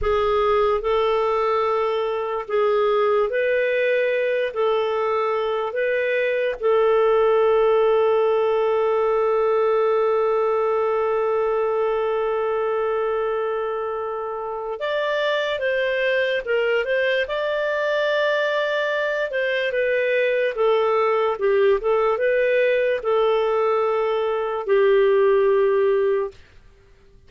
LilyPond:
\new Staff \with { instrumentName = "clarinet" } { \time 4/4 \tempo 4 = 73 gis'4 a'2 gis'4 | b'4. a'4. b'4 | a'1~ | a'1~ |
a'2 d''4 c''4 | ais'8 c''8 d''2~ d''8 c''8 | b'4 a'4 g'8 a'8 b'4 | a'2 g'2 | }